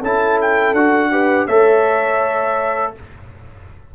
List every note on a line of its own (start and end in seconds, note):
0.00 0.74 C#4
0.00 0.76 E4
0.00 1.10 A4
0.00 0.41 A5
0.42 0.74 G5
0.74 1.47 D4
0.74 1.12 F#4
0.74 1.47 F#5
1.12 1.49 G4
1.12 1.47 B4
1.47 2.95 A3
1.47 2.95 A4
1.47 2.93 C#5
1.47 2.94 E5